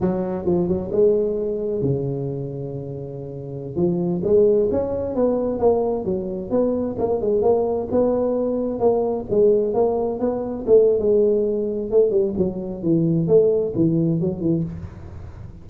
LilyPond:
\new Staff \with { instrumentName = "tuba" } { \time 4/4 \tempo 4 = 131 fis4 f8 fis8 gis2 | cis1~ | cis16 f4 gis4 cis'4 b8.~ | b16 ais4 fis4 b4 ais8 gis16~ |
gis16 ais4 b2 ais8.~ | ais16 gis4 ais4 b4 a8. | gis2 a8 g8 fis4 | e4 a4 e4 fis8 e8 | }